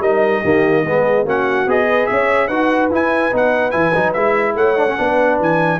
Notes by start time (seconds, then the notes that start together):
0.00 G3 D#4 A#4 D#5
0.42 D#3 A#3 G4
0.84 G#3 B3 G#4
1.24 A#3 C#4 F#4 F#5
1.66 B3 G#4 D#5
1.89 B4
2.07 C#4 C#5 E5
2.47 D#4 F#4 B4 F#5
2.90 E4 G#5
3.32 B3 D#4 F#5
3.71 E3 E4 G#5
3.95 F#3 D#4
4.13 G#3 E4 E5
4.55 A3 C#5 F#5
4.77 D4
4.88 C#4
4.97 B3 D4 B4
5.40 E3 G#5